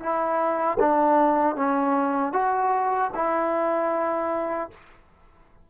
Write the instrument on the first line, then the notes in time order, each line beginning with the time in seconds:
trombone
0.00 E4
0.79 D4
1.56 C#4
2.33 F#4
3.15 E4